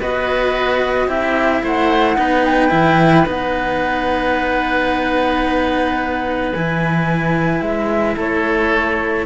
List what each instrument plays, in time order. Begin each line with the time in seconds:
0.00 cello B3 F#4, oboe B4, flute D#5
1.06 cello C4 E4, oboe G4, flute E5
1.63 cello A3, oboe C5, flute F#5
2.16 cello B3 D#4, oboe B4
2.45 flute G5
2.70 cello E3 E4
3.26 cello B3 D#4, flute F#5
6.53 cello E3 E4, flute G#5
7.61 cello G#3, flute E5
8.16 cello A3, oboe A4, flute C#5